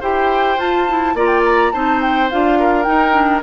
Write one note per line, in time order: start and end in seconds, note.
0.00 0.57 E4
0.00 0.58 G4
0.00 1.14 C5
0.00 0.60 G5
0.57 1.14 F4
0.57 0.86 F4
0.57 1.17 A5
0.88 1.16 E4
1.14 1.71 A#3
1.14 1.73 F4
1.14 1.72 D5
1.14 1.27 A#5
1.27 1.41 G5
1.45 1.72 A#5
1.72 2.32 C4
1.72 2.30 D#4
1.72 2.58 C5
1.72 2.01 A5
2.01 2.30 G5
2.30 2.87 D4
2.30 2.85 F4
2.30 2.83 F5
2.59 3.43 A#4
2.83 3.12 D#4
2.83 3.43 D#4
2.83 3.40 G5
3.12 3.41 D4